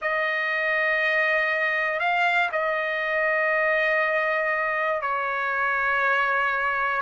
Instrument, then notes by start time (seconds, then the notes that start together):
trumpet
0.01 D#5
1.99 F5
2.51 D#5
5.01 C#5